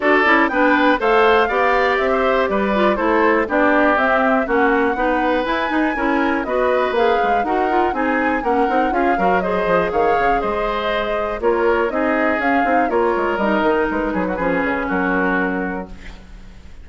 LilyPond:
<<
  \new Staff \with { instrumentName = "flute" } { \time 4/4 \tempo 4 = 121 d''4 g''4 f''2 | e''4 d''4 c''4 d''4 | e''4 fis''2 gis''4~ | gis''4 dis''4 f''4 fis''4 |
gis''4 fis''4 f''4 dis''4 | f''4 dis''2 cis''4 | dis''4 f''4 cis''4 dis''4 | b'2 ais'2 | }
  \new Staff \with { instrumentName = "oboe" } { \time 4/4 a'4 b'4 c''4 d''4~ | d''16 c''8. b'4 a'4 g'4~ | g'4 fis'4 b'2 | ais'4 b'2 ais'4 |
gis'4 ais'4 gis'8 ais'8 c''4 | cis''4 c''2 ais'4 | gis'2 ais'2~ | ais'8 gis'16 fis'16 gis'4 fis'2 | }
  \new Staff \with { instrumentName = "clarinet" } { \time 4/4 fis'8 e'8 d'4 a'4 g'4~ | g'4. f'8 e'4 d'4 | c'4 cis'4 dis'4 e'8 dis'8 | e'4 fis'4 gis'4 fis'8 f'8 |
dis'4 cis'8 dis'8 f'8 fis'8 gis'4~ | gis'2. f'4 | dis'4 cis'8 dis'8 f'4 dis'4~ | dis'4 cis'2. | }
  \new Staff \with { instrumentName = "bassoon" } { \time 4/4 d'8 cis'8 b4 a4 b4 | c'4 g4 a4 b4 | c'4 ais4 b4 e'8 dis'8 | cis'4 b4 ais8 gis8 dis'4 |
c'4 ais8 c'8 cis'8 fis4 f8 | dis8 cis8 gis2 ais4 | c'4 cis'8 c'8 ais8 gis8 g8 dis8 | gis8 fis8 f8 cis8 fis2 | }
>>